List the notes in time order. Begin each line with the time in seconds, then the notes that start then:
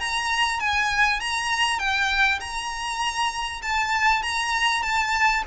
0.00 A#5
0.60 G#5
1.20 A#5
1.79 G5
2.40 A#5
3.62 A5
4.23 A#5
4.83 A5